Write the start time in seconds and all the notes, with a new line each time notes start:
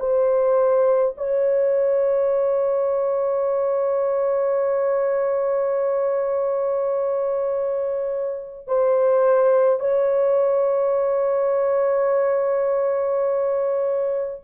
0.00 C5
1.17 C#5
8.67 C5
9.80 C#5